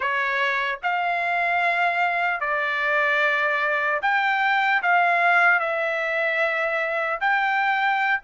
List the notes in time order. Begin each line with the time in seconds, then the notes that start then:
0.00 C#5
0.83 F5
2.40 D5
4.02 G5
4.82 F5
5.59 E5
7.20 G5